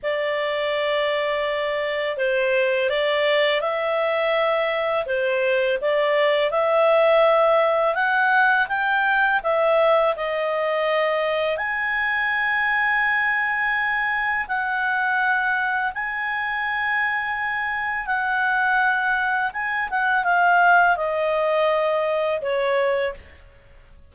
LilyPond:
\new Staff \with { instrumentName = "clarinet" } { \time 4/4 \tempo 4 = 83 d''2. c''4 | d''4 e''2 c''4 | d''4 e''2 fis''4 | g''4 e''4 dis''2 |
gis''1 | fis''2 gis''2~ | gis''4 fis''2 gis''8 fis''8 | f''4 dis''2 cis''4 | }